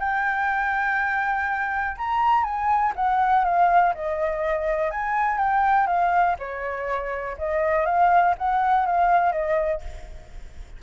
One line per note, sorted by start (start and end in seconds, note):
0.00 1.97 G5
1.98 2.44 A#5
2.44 2.94 G#5
2.96 3.45 F#5
3.45 3.94 F5
3.95 4.91 D#5
4.91 5.39 G#5
5.39 5.87 G5
5.87 6.36 F5
6.39 7.37 C#5
7.38 7.86 D#5
7.86 8.35 F5
8.38 8.87 F#5
8.87 9.32 F5
9.32 9.82 D#5